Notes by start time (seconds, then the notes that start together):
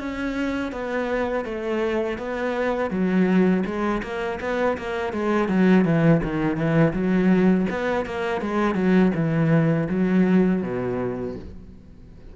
0.00 C#4
0.73 B3
1.45 A3
2.19 B3
2.91 F#3
3.66 G#3
4.03 A#3
4.41 B3
4.78 A#3
5.13 G#3
5.49 F#3
5.85 E3
6.24 D#3
6.57 E3
6.93 F#3
7.70 B3
8.06 A#3
8.41 G#3
8.75 F#3
9.15 E3
9.90 F#3
10.63 B2